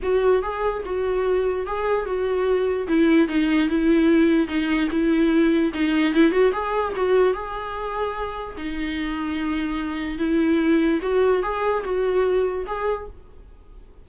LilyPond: \new Staff \with { instrumentName = "viola" } { \time 4/4 \tempo 4 = 147 fis'4 gis'4 fis'2 | gis'4 fis'2 e'4 | dis'4 e'2 dis'4 | e'2 dis'4 e'8 fis'8 |
gis'4 fis'4 gis'2~ | gis'4 dis'2.~ | dis'4 e'2 fis'4 | gis'4 fis'2 gis'4 | }